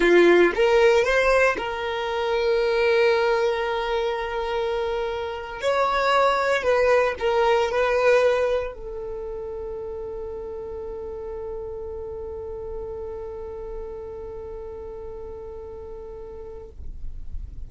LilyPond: \new Staff \with { instrumentName = "violin" } { \time 4/4 \tempo 4 = 115 f'4 ais'4 c''4 ais'4~ | ais'1~ | ais'2~ ais'8. cis''4~ cis''16~ | cis''8. b'4 ais'4 b'4~ b'16~ |
b'8. a'2.~ a'16~ | a'1~ | a'1~ | a'1 | }